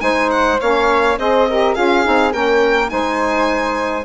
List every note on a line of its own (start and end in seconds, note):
0.00 0.59 G#3
0.00 0.58 D#4
0.00 0.61 C5
0.00 0.30 G#5
0.31 0.60 F#5
0.61 1.18 A#3
0.61 1.18 C#4
0.61 1.18 C#5
0.61 1.19 F5
1.18 1.76 C4
1.18 1.48 G#4
1.18 1.48 C5
1.18 1.75 D#5
1.49 1.75 G4
1.49 1.76 A#4
1.75 2.06 C#4
1.75 2.04 F4
1.75 2.33 G#4
1.75 2.32 F5
2.04 2.34 C4
2.04 2.32 D#4
2.32 2.92 A#3
2.32 2.88 C#4
2.32 2.91 A#4
2.32 2.90 G5
2.88 4.05 G#3
2.88 4.03 D#4
2.88 4.05 C5
2.88 4.05 G#5